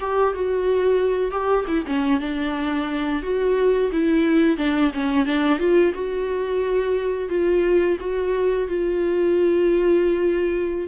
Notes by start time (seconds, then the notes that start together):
0.00 G4
0.33 F#4
1.31 G4
1.67 E4
1.87 C#4
2.20 D4
3.22 F#4
3.91 E4
4.57 D4
4.93 C#4
5.25 D4
5.58 F4
5.93 F#4
7.29 F4
8.00 F#4
8.68 F4